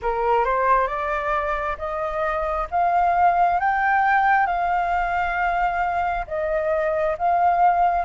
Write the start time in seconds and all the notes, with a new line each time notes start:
0.02 A#4
0.44 C5
0.87 D5
1.78 D#5
2.70 F5
3.59 G5
4.46 F5
6.27 D#5
7.18 F5